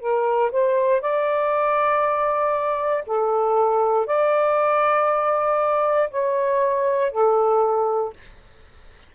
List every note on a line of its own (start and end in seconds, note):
0.00 0.51 A#4
0.51 1.01 C5
1.01 3.04 D5
3.06 4.06 A4
4.06 6.09 D5
6.10 7.11 C#5
7.11 8.13 A4